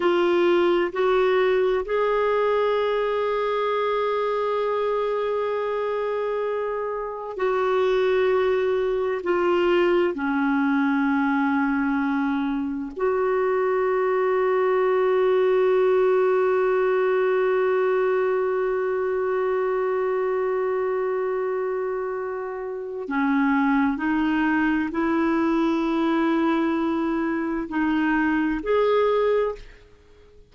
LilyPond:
\new Staff \with { instrumentName = "clarinet" } { \time 4/4 \tempo 4 = 65 f'4 fis'4 gis'2~ | gis'1 | fis'2 f'4 cis'4~ | cis'2 fis'2~ |
fis'1~ | fis'1~ | fis'4 cis'4 dis'4 e'4~ | e'2 dis'4 gis'4 | }